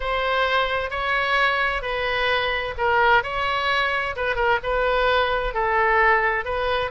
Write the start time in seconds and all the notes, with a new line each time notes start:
0.00 C5
0.90 C#5
1.82 B4
2.77 A#4
3.23 C#5
4.16 B4
4.35 A#4
4.63 B4
5.54 A4
6.44 B4